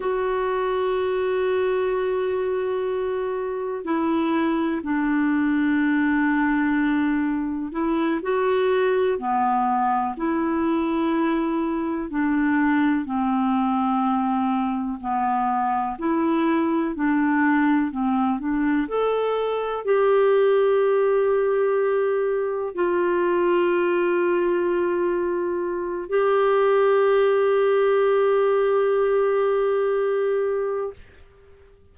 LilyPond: \new Staff \with { instrumentName = "clarinet" } { \time 4/4 \tempo 4 = 62 fis'1 | e'4 d'2. | e'8 fis'4 b4 e'4.~ | e'8 d'4 c'2 b8~ |
b8 e'4 d'4 c'8 d'8 a'8~ | a'8 g'2. f'8~ | f'2. g'4~ | g'1 | }